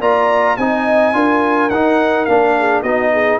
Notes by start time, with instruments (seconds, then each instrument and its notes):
0.00 tuba A#3, trombone F4, horn D5, trumpet A#5
0.57 tuba C4, trombone D#4, horn D#5, trumpet G#5
1.13 tuba D4, trombone F4, horn A#4
1.70 tuba D#4, trombone D#4, trumpet F#5
2.25 tuba A#3, trombone D4, trumpet F5
2.58 horn G#4
2.82 tuba B3, trombone D#4, horn F#4, trumpet D#5
3.13 horn G#4